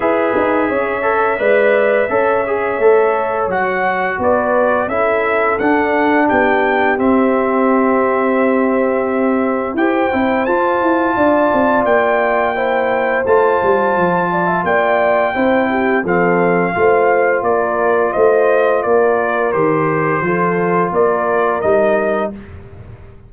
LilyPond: <<
  \new Staff \with { instrumentName = "trumpet" } { \time 4/4 \tempo 4 = 86 e''1~ | e''4 fis''4 d''4 e''4 | fis''4 g''4 e''2~ | e''2 g''4 a''4~ |
a''4 g''2 a''4~ | a''4 g''2 f''4~ | f''4 d''4 dis''4 d''4 | c''2 d''4 dis''4 | }
  \new Staff \with { instrumentName = "horn" } { \time 4/4 b'4 cis''4 d''4 cis''4~ | cis''2 b'4 a'4~ | a'4 g'2.~ | g'2 c''2 |
d''2 c''2~ | c''8 d''16 e''16 d''4 c''8 g'8 a'4 | c''4 ais'4 c''4 ais'4~ | ais'4 a'4 ais'2 | }
  \new Staff \with { instrumentName = "trombone" } { \time 4/4 gis'4. a'8 b'4 a'8 gis'8 | a'4 fis'2 e'4 | d'2 c'2~ | c'2 g'8 e'8 f'4~ |
f'2 e'4 f'4~ | f'2 e'4 c'4 | f'1 | g'4 f'2 dis'4 | }
  \new Staff \with { instrumentName = "tuba" } { \time 4/4 e'8 dis'8 cis'4 gis4 cis'4 | a4 fis4 b4 cis'4 | d'4 b4 c'2~ | c'2 e'8 c'8 f'8 e'8 |
d'8 c'8 ais2 a8 g8 | f4 ais4 c'4 f4 | a4 ais4 a4 ais4 | dis4 f4 ais4 g4 | }
>>